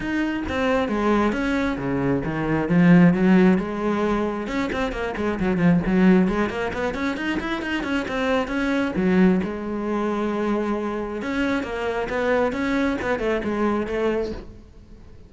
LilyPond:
\new Staff \with { instrumentName = "cello" } { \time 4/4 \tempo 4 = 134 dis'4 c'4 gis4 cis'4 | cis4 dis4 f4 fis4 | gis2 cis'8 c'8 ais8 gis8 | fis8 f8 fis4 gis8 ais8 b8 cis'8 |
dis'8 e'8 dis'8 cis'8 c'4 cis'4 | fis4 gis2.~ | gis4 cis'4 ais4 b4 | cis'4 b8 a8 gis4 a4 | }